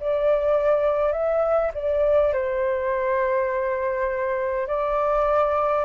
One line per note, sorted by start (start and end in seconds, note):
0.00 1.13 D5
1.13 1.72 E5
1.74 2.33 D5
2.34 4.67 C5
4.67 5.85 D5